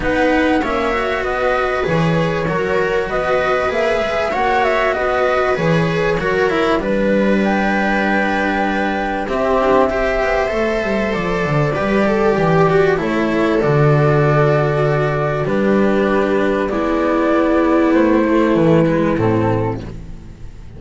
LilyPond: <<
  \new Staff \with { instrumentName = "flute" } { \time 4/4 \tempo 4 = 97 fis''4 e''4 dis''4 cis''4~ | cis''4 dis''4 e''4 fis''8 e''8 | dis''4 cis''2 b'4 | g''2. e''4~ |
e''2 d''2~ | d''4 cis''4 d''2~ | d''4 b'2 d''4~ | d''4 c''4 b'4 a'4 | }
  \new Staff \with { instrumentName = "viola" } { \time 4/4 b'4 cis''4 b'2 | ais'4 b'2 cis''4 | b'2 ais'4 b'4~ | b'2. g'4 |
c''2. b'8 a'8 | g'4 a'2.~ | a'4 g'2 e'4~ | e'1 | }
  \new Staff \with { instrumentName = "cello" } { \time 4/4 dis'4 cis'8 fis'4. gis'4 | fis'2 gis'4 fis'4~ | fis'4 gis'4 fis'8 e'8 d'4~ | d'2. c'4 |
g'4 a'2 g'4~ | g'8 fis'8 e'4 fis'2~ | fis'4 d'2 b4~ | b4. a4 gis8 c'4 | }
  \new Staff \with { instrumentName = "double bass" } { \time 4/4 b4 ais4 b4 e4 | fis4 b4 ais8 gis8 ais4 | b4 e4 fis4 g4~ | g2. c'8 d'8 |
c'8 b8 a8 g8 f8 d8 g4 | e4 a4 d2~ | d4 g2 gis4~ | gis4 a4 e4 a,4 | }
>>